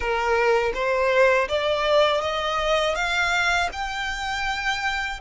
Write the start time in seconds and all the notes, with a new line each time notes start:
0.00 A#4
0.73 C5
1.48 D5
2.21 D#5
2.95 F5
3.72 G5